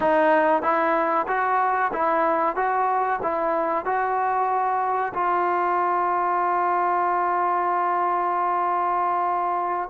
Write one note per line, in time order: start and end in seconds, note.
0.00 0.62 D#4
0.62 1.26 E4
1.27 1.91 F#4
1.93 2.55 E4
2.55 3.19 F#4
3.22 3.85 E4
3.85 5.12 F#4
5.14 9.89 F4